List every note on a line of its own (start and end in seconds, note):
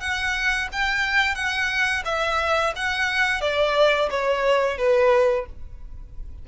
0.00 0.68 F#5
0.72 1.35 G5
1.35 2.03 F#5
2.05 2.73 E5
2.76 3.41 F#5
3.41 4.09 D5
4.10 4.78 C#5
4.78 5.46 B4